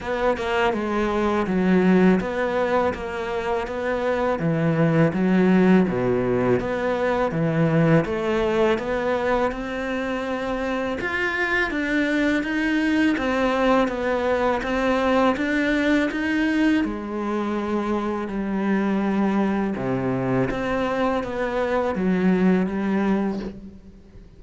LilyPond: \new Staff \with { instrumentName = "cello" } { \time 4/4 \tempo 4 = 82 b8 ais8 gis4 fis4 b4 | ais4 b4 e4 fis4 | b,4 b4 e4 a4 | b4 c'2 f'4 |
d'4 dis'4 c'4 b4 | c'4 d'4 dis'4 gis4~ | gis4 g2 c4 | c'4 b4 fis4 g4 | }